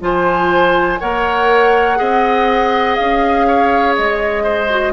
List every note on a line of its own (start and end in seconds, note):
0.00 0.98 F3
0.00 0.99 F4
0.00 1.00 C5
0.00 0.99 G#5
0.99 2.00 A#3
0.99 1.96 A#4
0.99 1.98 C#5
0.99 2.95 F#5
1.96 2.98 C4
1.96 4.66 G#4
1.96 3.46 D#5
2.95 3.98 C#4
2.95 3.93 F5
3.47 4.43 C#5
3.95 4.93 G#3
3.95 4.93 D#5
4.43 4.92 C5
4.69 4.93 F#4